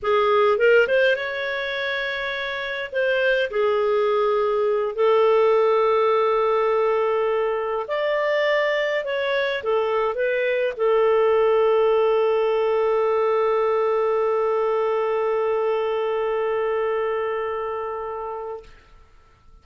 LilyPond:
\new Staff \with { instrumentName = "clarinet" } { \time 4/4 \tempo 4 = 103 gis'4 ais'8 c''8 cis''2~ | cis''4 c''4 gis'2~ | gis'8 a'2.~ a'8~ | a'4. d''2 cis''8~ |
cis''8 a'4 b'4 a'4.~ | a'1~ | a'1~ | a'1 | }